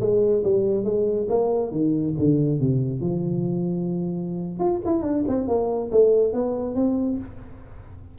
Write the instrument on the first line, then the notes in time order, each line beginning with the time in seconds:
tuba
0.00 G#3
0.44 G3
0.84 G#3
1.29 A#3
1.71 D#3
2.18 D3
2.59 C3
3.00 F3
4.59 F4
4.85 E4
5.02 D4
5.28 C4
5.48 A#3
5.91 A3
6.33 B3
6.75 C4